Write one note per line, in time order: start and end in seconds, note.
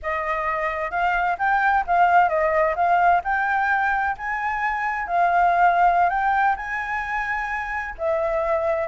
0.02 0.90 D#5
0.90 1.36 F5
1.38 1.84 G5
1.87 2.28 F5
2.28 2.74 D#5
2.75 3.21 F5
3.24 4.16 G5
4.17 5.07 G#5
5.07 6.09 F5
6.09 6.55 G5
6.56 7.94 G#5
7.97 8.87 E5